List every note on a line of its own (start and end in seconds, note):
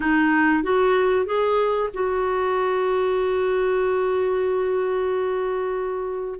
0.00 0.63 D#4
0.63 1.25 F#4
1.25 1.89 G#4
1.93 6.39 F#4